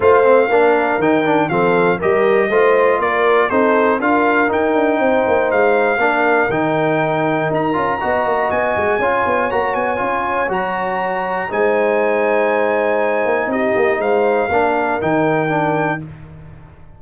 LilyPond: <<
  \new Staff \with { instrumentName = "trumpet" } { \time 4/4 \tempo 4 = 120 f''2 g''4 f''4 | dis''2 d''4 c''4 | f''4 g''2 f''4~ | f''4 g''2 ais''4~ |
ais''4 gis''2 ais''8 gis''8~ | gis''4 ais''2 gis''4~ | gis''2. dis''4 | f''2 g''2 | }
  \new Staff \with { instrumentName = "horn" } { \time 4/4 c''4 ais'2 a'4 | ais'4 c''4 ais'4 a'4 | ais'2 c''2 | ais'1 |
dis''2 cis''2~ | cis''2. c''4~ | c''2. g'4 | c''4 ais'2. | }
  \new Staff \with { instrumentName = "trombone" } { \time 4/4 f'8 c'8 d'4 dis'8 d'8 c'4 | g'4 f'2 dis'4 | f'4 dis'2. | d'4 dis'2~ dis'8 f'8 |
fis'2 f'4 fis'4 | f'4 fis'2 dis'4~ | dis'1~ | dis'4 d'4 dis'4 d'4 | }
  \new Staff \with { instrumentName = "tuba" } { \time 4/4 a4 ais4 dis4 f4 | g4 a4 ais4 c'4 | d'4 dis'8 d'8 c'8 ais8 gis4 | ais4 dis2 dis'8 cis'8 |
b8 ais8 b8 gis8 cis'8 b8 ais8 b8 | cis'4 fis2 gis4~ | gis2~ gis8 ais8 c'8 ais8 | gis4 ais4 dis2 | }
>>